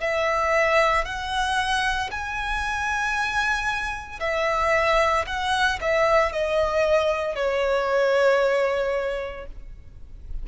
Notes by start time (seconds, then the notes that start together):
0.00 E5
1.04 F#5
2.11 G#5
4.20 E5
5.26 F#5
5.81 E5
6.32 D#5
7.35 C#5